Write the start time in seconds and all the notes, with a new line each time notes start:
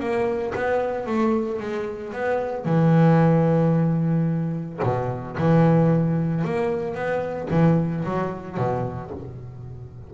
0.00 A#3
0.55 B3
1.07 A3
1.60 G#3
2.13 B3
2.66 E3
4.83 B2
5.38 E3
6.45 A#3
6.95 B3
7.50 E3
8.05 F#3
8.57 B2